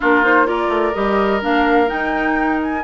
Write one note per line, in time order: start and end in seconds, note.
0.00 0.68 A#3
0.00 0.22 D4
0.00 0.46 F4
0.00 0.24 A#4
0.22 0.45 D#4
0.22 0.47 C5
0.45 0.93 F4
0.45 2.83 A#4
0.45 0.94 D5
0.68 0.92 A3
0.94 1.42 G3
0.94 1.41 G4
0.94 1.41 D#5
1.41 1.90 A#3
1.41 1.86 D4
1.41 1.89 F5
1.86 2.81 D#4
1.86 2.83 D#4
1.86 2.60 G5
2.62 2.83 G#5